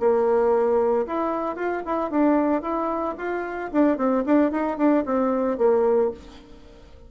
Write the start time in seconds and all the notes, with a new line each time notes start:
0.00 A#3
1.07 E4
1.56 F4
1.85 E4
2.11 D4
2.62 E4
3.18 F4
3.72 D4
3.98 C4
4.26 D4
4.51 D#4
4.78 D4
5.06 C4
5.58 A#3